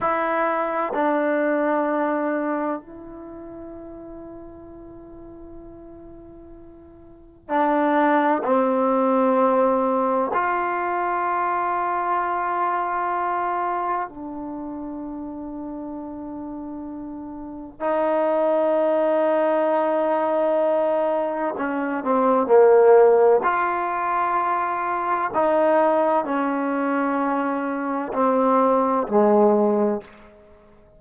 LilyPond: \new Staff \with { instrumentName = "trombone" } { \time 4/4 \tempo 4 = 64 e'4 d'2 e'4~ | e'1 | d'4 c'2 f'4~ | f'2. d'4~ |
d'2. dis'4~ | dis'2. cis'8 c'8 | ais4 f'2 dis'4 | cis'2 c'4 gis4 | }